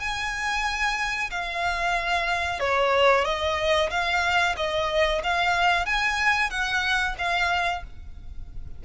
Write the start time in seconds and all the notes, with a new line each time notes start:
0.00 G#5
1.31 F5
2.60 C#5
3.25 D#5
3.91 F5
4.57 D#5
5.24 F5
5.86 G#5
6.50 F#5
7.19 F5